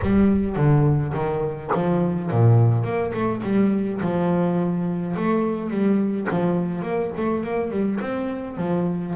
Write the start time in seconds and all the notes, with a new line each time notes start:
0.02 G3
0.56 D3
1.13 D#3
1.74 F3
2.31 A#2
2.84 A#3
3.13 A3
3.43 G3
4.01 F3
5.16 A3
5.70 G3
6.30 F3
6.82 A#3
7.16 A3
7.43 A#3
7.70 G3
8.00 C4
8.57 F3